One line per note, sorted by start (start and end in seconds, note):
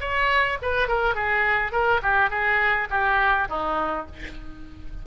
0.00 0.58 C#5
0.62 0.88 B4
0.88 1.14 A#4
1.14 1.72 G#4
1.72 2.00 A#4
2.02 2.30 G4
2.30 2.87 G#4
2.90 3.47 G4
3.48 4.06 D#4